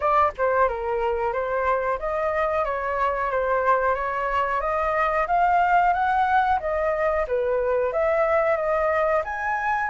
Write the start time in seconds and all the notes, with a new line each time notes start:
0.00 D5
0.37 C5
0.68 A#4
1.32 C5
1.99 D#5
2.64 C#5
3.31 C5
3.94 C#5
4.61 D#5
5.27 F5
5.93 F#5
6.60 D#5
7.27 B4
7.92 E5
8.56 D#5
9.24 G#5